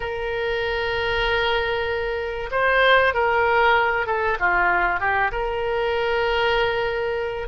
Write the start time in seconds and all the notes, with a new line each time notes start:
0.00 A#4
2.51 C5
3.13 A#4
4.06 A4
4.39 F4
5.00 G4
5.31 A#4